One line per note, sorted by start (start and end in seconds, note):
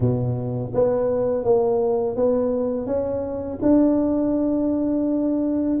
0.00 0.71 B2
0.74 1.44 B3
1.44 2.16 A#3
2.16 2.86 B3
2.86 3.58 C#4
3.62 5.79 D4